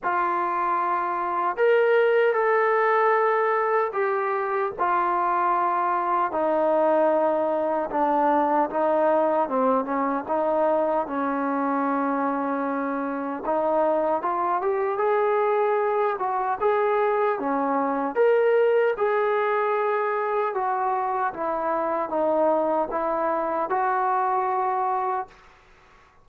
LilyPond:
\new Staff \with { instrumentName = "trombone" } { \time 4/4 \tempo 4 = 76 f'2 ais'4 a'4~ | a'4 g'4 f'2 | dis'2 d'4 dis'4 | c'8 cis'8 dis'4 cis'2~ |
cis'4 dis'4 f'8 g'8 gis'4~ | gis'8 fis'8 gis'4 cis'4 ais'4 | gis'2 fis'4 e'4 | dis'4 e'4 fis'2 | }